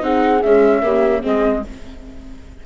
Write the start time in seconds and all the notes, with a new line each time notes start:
0.00 C4 D#4 G#4 F#5
0.43 G#3 C#4 E5
0.83 C#3 A#3 G4
1.22 G#3 C4 G#4 D#5